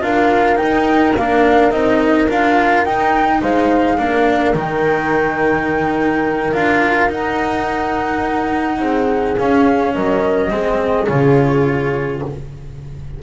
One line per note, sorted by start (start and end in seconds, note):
0.00 0.58 D4
0.00 0.56 F4
0.00 3.40 A#4
0.00 0.57 F5
0.56 1.12 D#4
0.56 1.13 G5
0.63 1.17 D#4
1.16 1.71 A#3
1.16 1.71 D4
1.16 1.71 F5
1.71 2.27 C4
1.71 2.28 D#4
1.71 2.28 D#5
2.29 2.85 D4
2.29 2.85 F4
2.29 2.84 F5
2.84 3.42 D#4
2.84 3.98 D#4
2.84 3.41 G5
3.40 3.99 G#3
3.40 3.97 C5
3.40 4.56 F5
3.98 4.54 A#3
3.98 4.54 D4
3.98 8.79 A#4
4.54 6.52 D#3
4.54 6.53 D#4
4.54 6.54 G5
6.53 7.09 D4
6.53 7.09 F4
6.53 7.11 F5
7.09 8.79 D#4
7.09 9.36 D#4
7.09 9.38 F#5
8.79 9.35 C4
8.79 9.94 G#4
9.38 10.50 C#4
9.38 9.95 C#4
9.38 9.94 F5
9.94 10.51 F#3
9.94 10.51 A#4
9.94 11.07 D#5
10.50 11.08 G#3
10.50 11.07 C4
10.50 12.22 G#4
11.07 12.22 C#3
11.07 12.22 F4
11.07 12.20 C#5